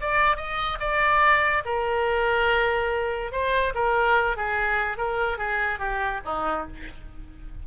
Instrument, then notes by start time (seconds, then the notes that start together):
oboe
0.00 D5
0.36 D#5
0.79 D5
1.65 A#4
3.32 C5
3.74 A#4
4.36 G#4
4.97 A#4
5.37 G#4
5.79 G4
6.25 D#4